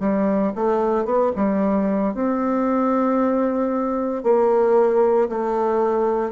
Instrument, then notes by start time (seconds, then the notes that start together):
bassoon
0.00 G3
0.56 A3
1.05 B3
1.36 G3
2.14 C4
4.23 A#3
5.29 A3